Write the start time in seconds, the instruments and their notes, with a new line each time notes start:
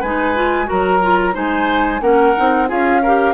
0.00 bassoon G#3, clarinet D#4, oboe B4, flute G#5
0.36 clarinet F4
0.66 bassoon F#3, clarinet F#4, oboe A#4, flute A#5
1.03 clarinet F4
1.33 bassoon G#3, clarinet D#4, oboe C5, flute G#5
2.01 bassoon A#3, clarinet C#4, oboe A#4, flute F#5
2.36 bassoon C4, clarinet D#4
2.68 bassoon C#4, clarinet F4, oboe G#4, flute F5
3.02 clarinet G4, oboe A#4